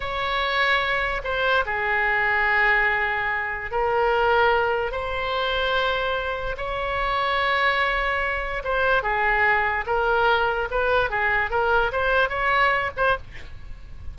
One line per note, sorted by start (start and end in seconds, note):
0.00 1.21 C#5
1.23 1.65 C5
1.65 3.71 G#4
3.71 4.91 A#4
4.91 6.56 C5
6.57 8.62 C#5
8.64 9.02 C5
9.02 9.85 G#4
9.86 10.68 A#4
10.70 11.10 B4
11.10 11.50 G#4
11.50 11.91 A#4
11.91 12.29 C5
12.29 12.90 C#5
12.96 13.17 C5